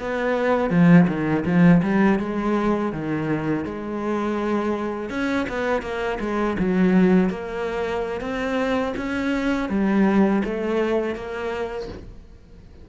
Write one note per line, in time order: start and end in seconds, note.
0.00 0.71 B3
0.71 1.07 F3
1.08 1.44 D#3
1.45 1.82 F3
1.83 2.19 G3
2.19 2.92 G#3
2.93 3.65 D#3
3.65 5.10 G#3
5.10 5.46 C#4
5.49 5.82 B3
5.82 6.19 A#3
6.20 6.57 G#3
6.59 7.30 F#3
7.30 8.21 A#3
8.21 8.94 C4
8.97 9.69 C#4
9.69 10.42 G3
10.45 11.16 A3
11.16 11.89 A#3